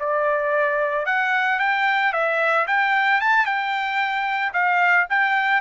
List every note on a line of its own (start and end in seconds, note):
0.00 1.06 D5
1.06 1.59 F#5
1.59 2.13 G5
2.13 2.66 E5
2.68 3.21 G5
3.21 3.46 A5
3.46 4.53 G5
4.53 5.07 F5
5.10 5.62 G5